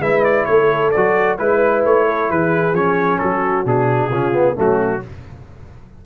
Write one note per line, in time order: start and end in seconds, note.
0.00 0.45 G#3
0.00 0.92 E4
0.00 0.47 B4
0.00 0.24 E5
0.24 0.45 D5
0.45 0.94 A3
0.45 1.39 A4
0.45 0.90 C#5
0.91 1.39 F#3
0.91 1.38 F#4
0.91 1.37 D5
1.38 1.85 G#3
1.38 2.74 E4
1.38 1.84 B4
1.38 2.06 B4
1.85 2.30 A3
1.85 2.31 C#5
2.06 2.29 A4
2.29 2.73 E3
2.29 3.20 G#4
2.29 2.75 B4
2.73 3.19 F3
2.73 3.65 C#4
2.73 3.19 C#5
3.19 3.65 F#3
3.19 4.09 F#4
3.19 3.64 A4
3.65 4.11 B2
3.65 4.10 D4
3.65 4.58 G#4
4.09 4.56 C#3
4.09 4.33 C#4
4.09 4.55 F4
4.33 4.55 B3
4.55 5.04 F#3
4.55 5.00 A3
4.55 5.00 C#4
4.55 5.05 F#4